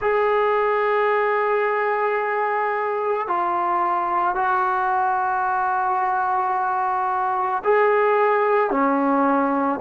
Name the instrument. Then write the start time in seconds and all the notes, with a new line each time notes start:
trombone
0.00 G#4
3.27 F4
4.35 F#4
7.64 G#4
8.70 C#4